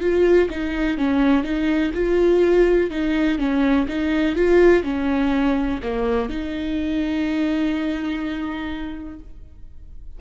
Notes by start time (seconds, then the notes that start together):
0.00 F4
0.50 D#4
0.97 C#4
1.43 D#4
1.94 F4
2.90 D#4
3.38 C#4
3.88 D#4
4.35 F4
4.83 C#4
5.82 A#3
6.29 D#4